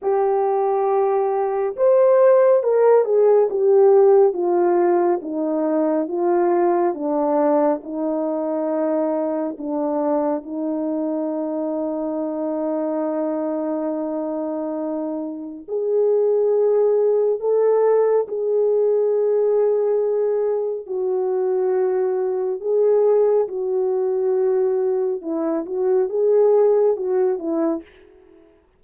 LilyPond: \new Staff \with { instrumentName = "horn" } { \time 4/4 \tempo 4 = 69 g'2 c''4 ais'8 gis'8 | g'4 f'4 dis'4 f'4 | d'4 dis'2 d'4 | dis'1~ |
dis'2 gis'2 | a'4 gis'2. | fis'2 gis'4 fis'4~ | fis'4 e'8 fis'8 gis'4 fis'8 e'8 | }